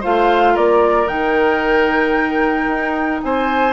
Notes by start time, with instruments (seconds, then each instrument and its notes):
0.00 bassoon A3, clarinet F4, oboe C5, flute F5
0.53 bassoon A#3, oboe A#4, flute D5
1.06 bassoon D#3, clarinet D#4, flute G5
2.67 bassoon D#4
3.22 bassoon C4, oboe C5, flute G#5